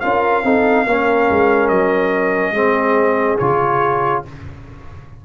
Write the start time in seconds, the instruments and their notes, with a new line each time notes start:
0.00 tuba C#4, trombone F4, horn A#4, trumpet F5
0.43 tuba C4, trombone D#4, horn A4
0.85 tuba A#3, trombone C#4, horn A#4
1.30 tuba G#3
1.68 tuba F#3, trumpet D#5
2.51 tuba G#3, trombone C4, horn G#4
3.38 tuba C#3, trombone F4, trumpet C#5